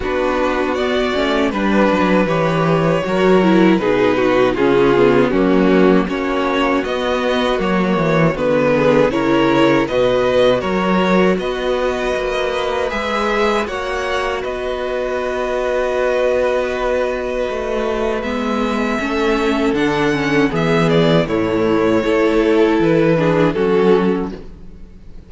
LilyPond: <<
  \new Staff \with { instrumentName = "violin" } { \time 4/4 \tempo 4 = 79 b'4 d''4 b'4 cis''4~ | cis''4 b'4 gis'4 fis'4 | cis''4 dis''4 cis''4 b'4 | cis''4 dis''4 cis''4 dis''4~ |
dis''4 e''4 fis''4 dis''4~ | dis''1 | e''2 fis''4 e''8 d''8 | cis''2 b'4 a'4 | }
  \new Staff \with { instrumentName = "violin" } { \time 4/4 fis'2 b'2 | ais'4 gis'8 fis'8 f'4 cis'4 | fis'2.~ fis'8 gis'8 | ais'4 b'4 ais'4 b'4~ |
b'2 cis''4 b'4~ | b'1~ | b'4 a'2 gis'4 | e'4 a'4. gis'8 fis'4 | }
  \new Staff \with { instrumentName = "viola" } { \time 4/4 d'4 b8 cis'8 d'4 g'4 | fis'8 e'8 dis'4 cis'8 b8 ais4 | cis'4 b4 ais4 b4 | e'4 fis'2.~ |
fis'4 gis'4 fis'2~ | fis'1 | b4 cis'4 d'8 cis'8 b4 | a4 e'4. d'8 cis'4 | }
  \new Staff \with { instrumentName = "cello" } { \time 4/4 b4. a8 g8 fis8 e4 | fis4 b,4 cis4 fis4 | ais4 b4 fis8 e8 d4 | cis4 b,4 fis4 b4 |
ais4 gis4 ais4 b4~ | b2. a4 | gis4 a4 d4 e4 | a,4 a4 e4 fis4 | }
>>